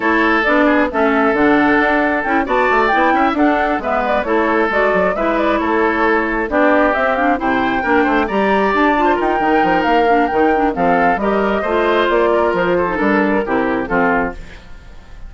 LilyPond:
<<
  \new Staff \with { instrumentName = "flute" } { \time 4/4 \tempo 4 = 134 cis''4 d''4 e''4 fis''4~ | fis''4 g''8 a''4 g''4 fis''8~ | fis''8 e''8 d''8 cis''4 d''4 e''8 | d''8 cis''2 d''4 e''8 |
f''8 g''2 ais''4 a''8~ | a''8 g''4. f''4 g''4 | f''4 dis''2 d''4 | c''4 ais'2 a'4 | }
  \new Staff \with { instrumentName = "oboe" } { \time 4/4 a'4. gis'8 a'2~ | a'4. d''4. e''8 a'8~ | a'8 b'4 a'2 b'8~ | b'8 a'2 g'4.~ |
g'8 c''4 ais'8 c''8 d''4.~ | d''16 c''16 ais'2.~ ais'8 | a'4 ais'4 c''4. ais'8~ | ais'8 a'4. g'4 f'4 | }
  \new Staff \with { instrumentName = "clarinet" } { \time 4/4 e'4 d'4 cis'4 d'4~ | d'4 e'8 fis'4 e'4 d'8~ | d'8 b4 e'4 fis'4 e'8~ | e'2~ e'8 d'4 c'8 |
d'8 e'4 d'4 g'4. | f'4 dis'4. d'8 dis'8 d'8 | c'4 g'4 f'2~ | f'8. dis'16 d'4 e'4 c'4 | }
  \new Staff \with { instrumentName = "bassoon" } { \time 4/4 a4 b4 a4 d4 | d'4 cis'8 b8 a8 b8 cis'8 d'8~ | d'8 gis4 a4 gis8 fis8 gis8~ | gis8 a2 b4 c'8~ |
c'8 c4 ais8 a8 g4 d'8~ | d'8 dis'8 dis8 f8 ais4 dis4 | f4 g4 a4 ais4 | f4 g4 c4 f4 | }
>>